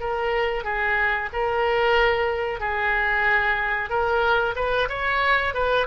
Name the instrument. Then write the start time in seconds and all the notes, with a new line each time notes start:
oboe
0.00 A#4
0.64 G#4
1.32 A#4
2.60 G#4
3.89 A#4
4.55 B4
4.89 C#5
5.54 B4